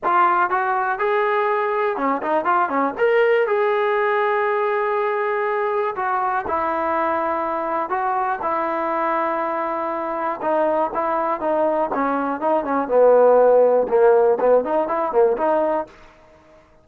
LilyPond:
\new Staff \with { instrumentName = "trombone" } { \time 4/4 \tempo 4 = 121 f'4 fis'4 gis'2 | cis'8 dis'8 f'8 cis'8 ais'4 gis'4~ | gis'1 | fis'4 e'2. |
fis'4 e'2.~ | e'4 dis'4 e'4 dis'4 | cis'4 dis'8 cis'8 b2 | ais4 b8 dis'8 e'8 ais8 dis'4 | }